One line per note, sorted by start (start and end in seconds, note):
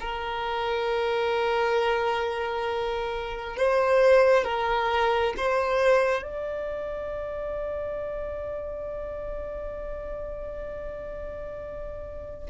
0.00 3.56 A#4
3.56 4.44 C5
4.44 5.34 A#4
5.37 6.22 C5
6.22 12.49 D5